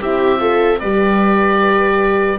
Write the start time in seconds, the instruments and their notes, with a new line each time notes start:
0.00 double bass C4, horn E4, viola G4, oboe E5
0.38 horn F4, viola A4
0.80 double bass G3, horn G4, viola B4, oboe D5